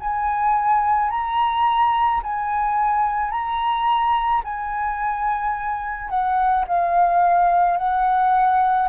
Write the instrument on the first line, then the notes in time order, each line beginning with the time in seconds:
flute
0.00 G#5
1.11 A#5
2.23 G#5
3.31 A#5
4.44 G#5
6.10 F#5
6.68 F5
7.78 F#5